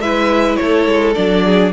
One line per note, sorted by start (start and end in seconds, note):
0.00 0.57 G#3
0.00 1.15 E4
0.00 0.59 B4
0.00 0.56 E5
0.56 0.86 A3
0.56 1.45 A4
0.56 1.13 C#5
0.86 1.15 G#3
1.15 1.73 F#3
1.15 1.72 D4
1.15 1.72 D5
1.45 1.73 G#4